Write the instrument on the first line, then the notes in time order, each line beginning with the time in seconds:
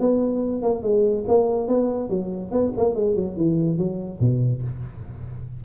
tuba
0.00 B3
0.63 A#3
0.83 G#3
1.28 A#3
1.68 B3
2.09 F#3
2.51 B3
2.77 A#3
2.95 G#3
3.16 F#3
3.37 E3
3.78 F#3
4.21 B2